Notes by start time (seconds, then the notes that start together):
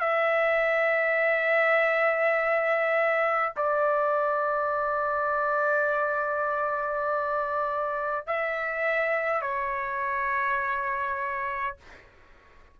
0.00 E5
3.56 D5
8.27 E5
9.42 C#5